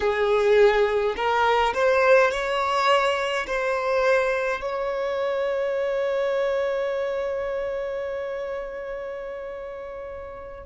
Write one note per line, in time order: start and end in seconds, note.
0.00 1.15 G#4
1.15 1.73 A#4
1.74 2.31 C5
2.31 3.46 C#5
3.46 4.60 C5
4.60 10.66 C#5